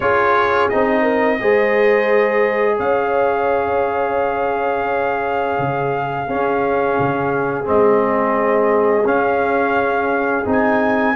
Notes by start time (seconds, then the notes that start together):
0.00 C#4 F4 G#4 C#5
0.69 C4 D#4 D#5
1.02 A#4
1.39 G#3 G#4 C5
2.76 C#4 C#5 F5
5.58 C#3
6.25 C#4 G#4
6.99 C#3
7.64 G#3 C4 D#5
9.05 C#4 F5
10.45 C4 D#4
10.51 G#5